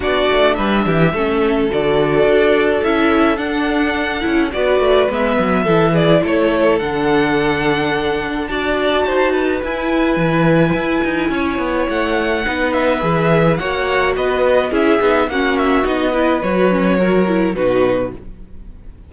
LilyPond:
<<
  \new Staff \with { instrumentName = "violin" } { \time 4/4 \tempo 4 = 106 d''4 e''2 d''4~ | d''4 e''4 fis''2 | d''4 e''4. d''8 cis''4 | fis''2. a''4~ |
a''4 gis''2.~ | gis''4 fis''4. e''4. | fis''4 dis''4 e''4 fis''8 e''8 | dis''4 cis''2 b'4 | }
  \new Staff \with { instrumentName = "violin" } { \time 4/4 fis'4 b'8 g'8 a'2~ | a'1 | b'2 a'8 gis'8 a'4~ | a'2. d''4 |
c''8 b'2.~ b'8 | cis''2 b'2 | cis''4 b'4 gis'4 fis'4~ | fis'8 b'4. ais'4 fis'4 | }
  \new Staff \with { instrumentName = "viola" } { \time 4/4 d'2 cis'4 fis'4~ | fis'4 e'4 d'4. e'8 | fis'4 b4 e'2 | d'2. fis'4~ |
fis'4 e'2.~ | e'2 dis'4 gis'4 | fis'2 e'8 dis'8 cis'4 | dis'8 e'8 fis'8 cis'8 fis'8 e'8 dis'4 | }
  \new Staff \with { instrumentName = "cello" } { \time 4/4 b8 a8 g8 e8 a4 d4 | d'4 cis'4 d'4. cis'8 | b8 a8 gis8 fis8 e4 a4 | d2. d'4 |
dis'4 e'4 e4 e'8 dis'8 | cis'8 b8 a4 b4 e4 | ais4 b4 cis'8 b8 ais4 | b4 fis2 b,4 | }
>>